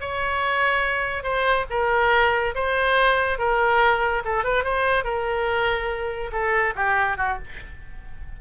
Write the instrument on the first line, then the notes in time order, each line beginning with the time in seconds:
oboe
0.00 C#5
1.23 C5
1.70 A#4
2.54 C5
3.38 A#4
4.24 A4
4.44 B4
4.64 C5
5.04 A#4
6.31 A4
6.75 G4
7.17 F#4